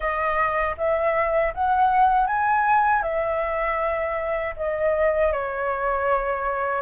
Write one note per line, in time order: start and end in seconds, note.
0.00 0.75 D#5
0.77 1.53 E5
1.54 2.26 F#5
2.26 3.02 G#5
3.02 4.54 E5
4.56 5.32 D#5
5.32 6.81 C#5